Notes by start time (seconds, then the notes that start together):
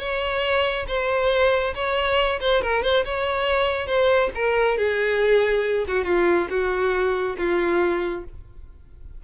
0.00 C#5
0.88 C5
1.75 C#5
2.41 C5
2.62 A#4
2.83 C5
3.05 C#5
3.87 C5
4.35 A#4
4.78 G#4
5.88 F#4
6.05 F4
6.50 F#4
7.38 F4